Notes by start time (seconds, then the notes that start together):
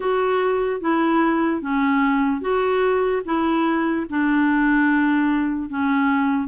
0.00 F#4
0.80 E4
1.61 C#4
2.41 F#4
3.25 E4
4.09 D4
5.69 C#4